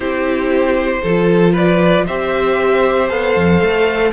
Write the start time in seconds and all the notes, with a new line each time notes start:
0.00 C4 E4 G4 C5
1.02 F3 F4 A4
1.53 B4 D5
2.06 C4 G4 C5 E5
3.09 B3 A4 F5
3.35 F2
3.60 A3